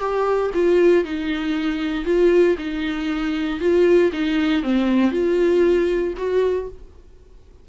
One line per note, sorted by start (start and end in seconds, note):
0.00 0.51 G4
0.54 1.05 F4
1.05 2.05 D#4
2.05 2.56 F4
2.59 3.60 D#4
3.60 4.11 F4
4.13 4.63 D#4
4.63 5.12 C4
5.12 6.14 F4
6.18 6.69 F#4